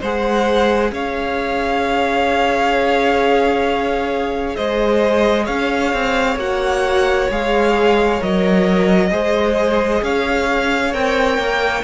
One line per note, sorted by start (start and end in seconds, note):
0.00 0.91 G#3
0.00 6.38 G#4
0.00 0.91 C5
0.00 0.93 F#5
0.91 4.55 C#4
0.91 4.56 C#5
0.91 4.56 F5
4.56 5.48 G#3
4.56 5.44 C5
4.56 5.46 D#5
5.44 5.93 C#4
5.44 9.08 C#5
5.44 6.37 F5
5.93 6.36 C4
6.36 7.27 A#3
6.36 7.29 F#4
6.36 7.30 F#5
7.30 8.21 G#3
7.30 8.19 G#4
7.30 8.22 F5
8.19 9.11 F#3
8.19 9.10 A#4
8.19 10.04 D#5
9.11 10.02 G#3
9.11 10.93 G#4
9.11 10.02 C5
10.02 10.93 C#4
10.02 11.84 C#5
10.02 10.94 F5
10.93 11.38 C4
10.93 11.84 A#4
10.93 11.84 G5
11.38 11.83 A#3